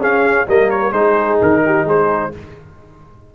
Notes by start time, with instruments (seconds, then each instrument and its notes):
0.00 trombone C#4, tuba C#4, horn G#4, trumpet F5
0.47 tuba G3, trombone A#3, horn A#4, trumpet D#5
0.70 trumpet C#5
0.92 tuba G#3, trombone D#4, horn G#4, trumpet C5
1.41 tuba D#3, trumpet A#4
1.65 horn G4
1.84 tuba G#3, horn G#4, trumpet C5